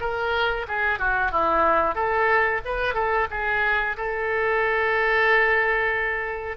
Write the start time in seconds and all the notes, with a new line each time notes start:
0.00 A#4
0.68 G#4
0.99 F#4
1.31 E4
1.95 A4
2.65 B4
2.94 A4
3.31 G#4
3.97 A4